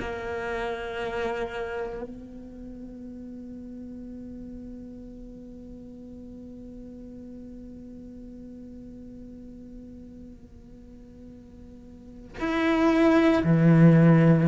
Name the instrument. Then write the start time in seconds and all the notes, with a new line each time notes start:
cello
0.00 A#3
2.03 B3
12.40 E4
13.44 E3